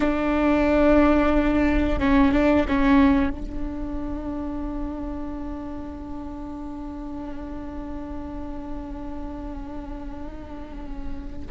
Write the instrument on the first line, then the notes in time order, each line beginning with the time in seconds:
viola
0.00 D4
1.99 C#4
2.32 D4
2.68 C#4
3.30 D4